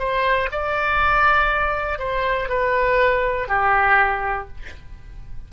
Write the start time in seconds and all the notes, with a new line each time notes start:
0.00 C5
0.52 D5
2.00 C5
2.49 B4
3.48 G4